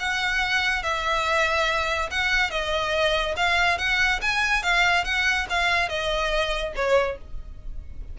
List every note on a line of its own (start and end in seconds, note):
0.00 0.83 F#5
0.83 2.10 E5
2.11 2.51 F#5
2.51 3.35 D#5
3.37 3.78 F5
3.78 4.20 F#5
4.22 4.63 G#5
4.63 5.05 F5
5.05 5.47 F#5
5.50 5.89 F5
5.89 6.73 D#5
6.76 7.18 C#5